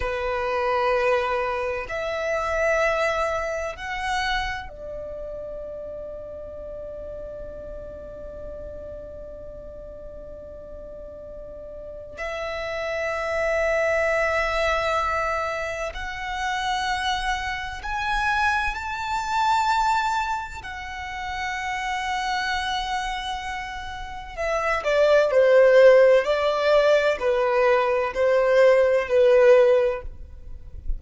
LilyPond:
\new Staff \with { instrumentName = "violin" } { \time 4/4 \tempo 4 = 64 b'2 e''2 | fis''4 d''2.~ | d''1~ | d''4 e''2.~ |
e''4 fis''2 gis''4 | a''2 fis''2~ | fis''2 e''8 d''8 c''4 | d''4 b'4 c''4 b'4 | }